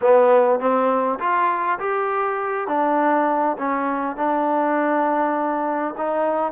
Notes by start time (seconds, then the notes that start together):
0.01 B3
0.59 C4
1.19 F4
1.79 G4
2.67 D4
3.58 C#4
4.16 D4
5.97 D#4